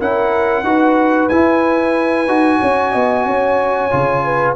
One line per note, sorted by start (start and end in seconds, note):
0.00 0.64 C#4
0.00 0.65 E4
0.00 0.65 A#4
0.00 1.29 F#5
0.64 1.29 D#4
0.64 1.30 F#4
0.64 2.60 B4
1.29 2.27 E4
1.29 2.28 E4
1.29 4.55 G#5
2.27 2.60 D#4
2.27 3.91 F#4
2.60 2.95 C#4
2.60 2.92 C#5
2.92 3.26 B3
2.92 3.25 D#5
3.26 3.91 C#4
3.26 4.25 C#5
3.91 4.57 C#3
3.91 4.56 F4
4.25 4.57 B4